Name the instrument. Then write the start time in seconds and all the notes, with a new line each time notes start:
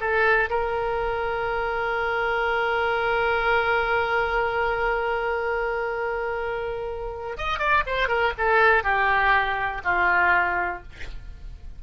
oboe
0.00 A4
0.50 A#4
7.37 D#5
7.59 D5
7.86 C5
8.08 A#4
8.38 A4
8.83 G4
9.84 F4